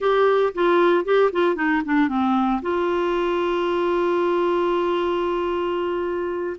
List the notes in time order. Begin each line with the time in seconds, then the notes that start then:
0.00 G4
0.54 F4
1.04 G4
1.32 F4
1.55 D#4
1.85 D4
2.08 C4
2.62 F4